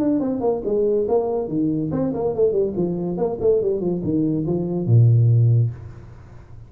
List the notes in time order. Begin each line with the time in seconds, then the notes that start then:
0.00 D4
0.20 C4
0.41 A#3
0.65 G#3
1.09 A#3
1.49 D#3
1.92 C4
2.14 A#3
2.36 A3
2.53 G3
2.76 F3
3.18 A#3
3.41 A3
3.62 G3
3.81 F3
4.04 D#3
4.47 F3
4.86 A#2